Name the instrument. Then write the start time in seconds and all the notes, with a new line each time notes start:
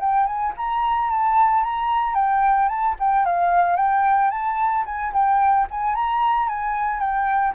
flute
0.00 G5
0.27 G#5
0.57 A#5
1.11 A5
1.64 A#5
2.15 G5
2.69 A5
3.00 G5
3.26 F5
3.77 G5
4.31 A5
4.86 G#5
5.14 G5
5.71 G#5
5.95 A#5
6.49 G#5
7.00 G5